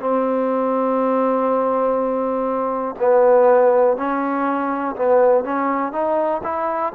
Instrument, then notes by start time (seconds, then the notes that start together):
trombone
0.00 C4
2.99 B3
3.97 C#4
4.96 B3
5.44 C#4
5.92 D#4
6.43 E4